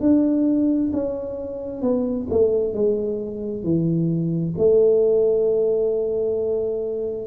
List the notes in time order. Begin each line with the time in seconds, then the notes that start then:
0.00 D4
0.93 C#4
1.81 B3
2.30 A3
2.74 G#3
3.63 E3
4.57 A3